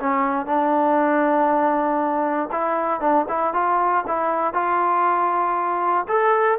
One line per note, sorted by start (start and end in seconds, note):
0.00 0.46 C#4
0.46 2.50 D4
2.52 3.00 E4
3.00 3.26 D4
3.29 3.54 E4
3.54 4.05 F4
4.07 4.54 E4
4.54 6.06 F4
6.08 6.59 A4